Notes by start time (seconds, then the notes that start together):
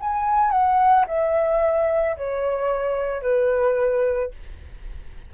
0.00 G#5
0.51 F#5
1.08 E5
2.17 C#5
3.22 B4